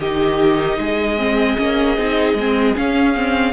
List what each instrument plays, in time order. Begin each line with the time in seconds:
0.00 cello D#3, viola D#4, violin G4 D#5
0.78 cello G#3, violin G#4
1.18 viola C4
1.58 cello A#3, viola C#4
1.98 cello C4, viola D#4
2.35 cello G#3, viola C4
2.76 viola C#4, cello C#4, violin F5
3.17 viola C4